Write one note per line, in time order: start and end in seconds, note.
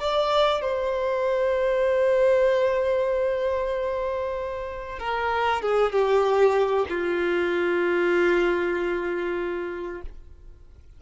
0.00 0.62 D5
0.62 4.99 C5
4.99 5.62 A#4
5.62 5.93 G#4
5.93 6.86 G4
6.89 10.02 F4